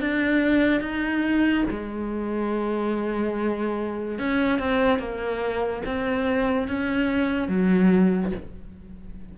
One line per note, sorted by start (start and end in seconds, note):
0.00 0.80 D4
0.80 1.64 D#4
1.70 4.19 G#3
4.19 4.59 C#4
4.59 4.99 C4
4.99 5.82 A#3
5.85 6.67 C4
6.67 7.48 C#4
7.48 8.31 F#3